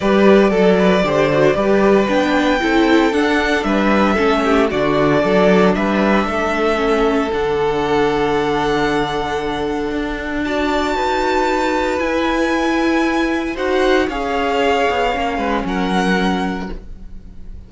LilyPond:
<<
  \new Staff \with { instrumentName = "violin" } { \time 4/4 \tempo 4 = 115 d''1 | g''2 fis''4 e''4~ | e''4 d''2 e''4~ | e''2 fis''2~ |
fis''1 | a''2. gis''4~ | gis''2 fis''4 f''4~ | f''2 fis''2 | }
  \new Staff \with { instrumentName = "violin" } { \time 4/4 b'4 a'8 b'8 c''4 b'4~ | b'4 a'2 b'4 | a'8 g'8 fis'4 a'4 b'4 | a'1~ |
a'1 | d''4 b'2.~ | b'2 c''4 cis''4~ | cis''4. b'8 ais'2 | }
  \new Staff \with { instrumentName = "viola" } { \time 4/4 g'4 a'4 g'8 fis'8 g'4 | d'4 e'4 d'2 | cis'4 d'2.~ | d'4 cis'4 d'2~ |
d'1 | fis'2. e'4~ | e'2 fis'4 gis'4~ | gis'4 cis'2. | }
  \new Staff \with { instrumentName = "cello" } { \time 4/4 g4 fis4 d4 g4 | b4 c'4 d'4 g4 | a4 d4 fis4 g4 | a2 d2~ |
d2. d'4~ | d'4 dis'2 e'4~ | e'2 dis'4 cis'4~ | cis'8 b8 ais8 gis8 fis2 | }
>>